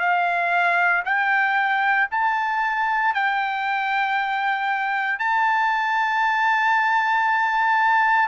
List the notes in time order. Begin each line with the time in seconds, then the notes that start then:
0.00 F5
1.05 G5
2.12 A5
3.15 G5
5.20 A5